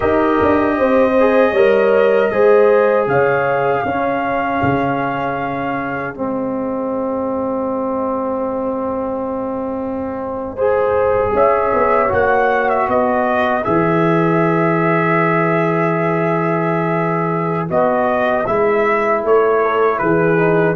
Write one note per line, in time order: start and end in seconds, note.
0.00 0.40 D#4
0.00 1.12 G4
0.00 0.76 A#4
0.00 3.06 D#5
0.41 0.79 D4
0.77 1.52 C4
0.77 1.51 C5
1.20 1.55 G#4
1.51 2.29 G3
1.51 2.32 A#4
1.51 2.28 C#5
2.32 3.07 G#3
2.32 3.86 G#4
2.32 3.08 C5
3.07 3.83 C#3
3.07 3.83 C#5
3.07 6.14 F5
3.83 4.62 C#4
3.83 6.14 C#4
3.83 10.55 G#4
4.62 6.16 C#3
6.14 11.34 G#3
6.14 10.56 C4
6.14 11.34 D#5
10.55 12.08 G#4
10.55 11.32 C5
11.33 11.73 C#4
11.33 12.87 C#5
11.33 12.12 E5
11.73 12.12 B3
12.08 12.88 A#3
12.08 13.62 F#4
12.08 12.69 F#5
12.69 12.88 E5
12.87 13.65 B3
12.87 19.60 B4
12.87 13.64 D#5
13.64 17.70 E3
13.64 17.68 G#4
13.64 17.67 E5
17.68 18.46 B3
17.68 18.45 F#4
17.68 18.46 D#5
18.46 19.23 G#3
18.46 20.37 E4
18.46 19.23 E5
19.23 20.00 A3
19.23 19.98 C#5
19.62 20.00 A4
19.98 20.75 E3
19.98 20.75 G#4
19.98 20.75 B4
20.37 20.75 D#4